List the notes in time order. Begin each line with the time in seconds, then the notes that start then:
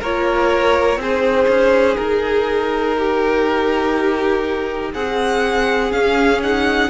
0.00 A#3 F4 A#4 C#5
0.97 C4 D#4 G#4 C5
1.48 C#4
1.97 D#4 A#4
2.98 G4
4.93 C4 G#4 F#5
5.91 C#4 F5
6.43 D#4 F#5